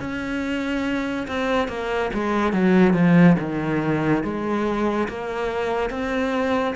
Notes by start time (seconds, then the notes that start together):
0.00 C#4
1.28 C4
1.68 A#3
2.14 G#3
2.53 F#3
2.94 F3
3.40 D#3
4.24 G#3
5.08 A#3
5.90 C4